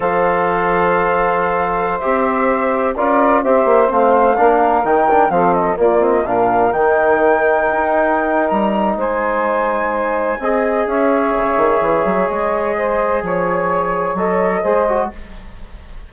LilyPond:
<<
  \new Staff \with { instrumentName = "flute" } { \time 4/4 \tempo 4 = 127 f''1~ | f''16 e''2 d''4 e''8.~ | e''16 f''2 g''4 f''8 dis''16~ | dis''16 d''8 dis''8 f''4 g''4.~ g''16~ |
g''2 ais''4 gis''4~ | gis''2. e''4~ | e''2 dis''2 | cis''2 dis''2 | }
  \new Staff \with { instrumentName = "saxophone" } { \time 4/4 c''1~ | c''2~ c''16 ais'4 c''8.~ | c''4~ c''16 ais'2 a'8.~ | a'16 f'4 ais'2~ ais'8.~ |
ais'2. c''4~ | c''2 dis''4 cis''4~ | cis''2. c''4 | cis''2. c''4 | }
  \new Staff \with { instrumentName = "trombone" } { \time 4/4 a'1~ | a'16 g'2 f'4 g'8.~ | g'16 c'4 d'4 dis'8 d'8 c'8.~ | c'16 ais8 c'8 d'4 dis'4.~ dis'16~ |
dis'1~ | dis'2 gis'2~ | gis'1~ | gis'2 a'4 gis'8 fis'8 | }
  \new Staff \with { instrumentName = "bassoon" } { \time 4/4 f1~ | f16 c'2 cis'4 c'8 ais16~ | ais16 a4 ais4 dis4 f8.~ | f16 ais4 ais,4 dis4.~ dis16~ |
dis16 dis'4.~ dis'16 g4 gis4~ | gis2 c'4 cis'4 | cis8 dis8 e8 fis8 gis2 | f2 fis4 gis4 | }
>>